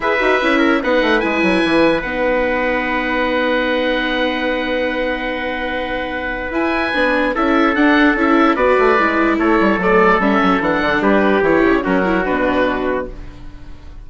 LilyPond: <<
  \new Staff \with { instrumentName = "oboe" } { \time 4/4 \tempo 4 = 147 e''2 fis''4 gis''4~ | gis''4 fis''2.~ | fis''1~ | fis''1 |
gis''2 e''4 fis''4 | e''4 d''2 cis''4 | d''4 e''4 fis''4 b'4 | cis''4 ais'4 b'2 | }
  \new Staff \with { instrumentName = "trumpet" } { \time 4/4 b'4. ais'8 b'2~ | b'1~ | b'1~ | b'1~ |
b'2 a'2~ | a'4 b'2 a'4~ | a'2. g'4~ | g'4 fis'2. | }
  \new Staff \with { instrumentName = "viola" } { \time 4/4 gis'8 fis'8 e'4 dis'4 e'4~ | e'4 dis'2.~ | dis'1~ | dis'1 |
e'4 d'4 e'4 d'4 | e'4 fis'4 e'2 | a4 cis'4 d'2 | e'4 cis'8 e'8 d'2 | }
  \new Staff \with { instrumentName = "bassoon" } { \time 4/4 e'8 dis'8 cis'4 b8 a8 gis8 fis8 | e4 b2.~ | b1~ | b1 |
e'4 b4 cis'4 d'4 | cis'4 b8 a8 gis4 a8 g8 | fis4 g8 fis8 e8 d8 g4 | e8 cis8 fis4 b,2 | }
>>